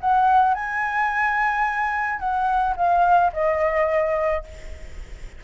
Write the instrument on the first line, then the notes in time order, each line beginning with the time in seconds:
flute
0.00 F#5
0.54 G#5
2.19 F#5
2.76 F5
3.33 D#5